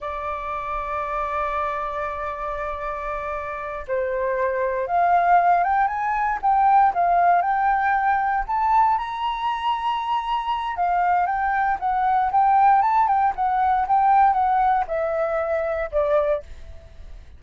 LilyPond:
\new Staff \with { instrumentName = "flute" } { \time 4/4 \tempo 4 = 117 d''1~ | d''2.~ d''8 c''8~ | c''4. f''4. g''8 gis''8~ | gis''8 g''4 f''4 g''4.~ |
g''8 a''4 ais''2~ ais''8~ | ais''4 f''4 g''4 fis''4 | g''4 a''8 g''8 fis''4 g''4 | fis''4 e''2 d''4 | }